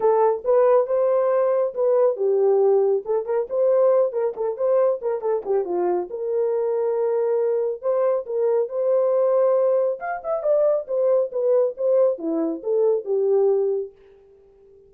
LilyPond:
\new Staff \with { instrumentName = "horn" } { \time 4/4 \tempo 4 = 138 a'4 b'4 c''2 | b'4 g'2 a'8 ais'8 | c''4. ais'8 a'8 c''4 ais'8 | a'8 g'8 f'4 ais'2~ |
ais'2 c''4 ais'4 | c''2. f''8 e''8 | d''4 c''4 b'4 c''4 | e'4 a'4 g'2 | }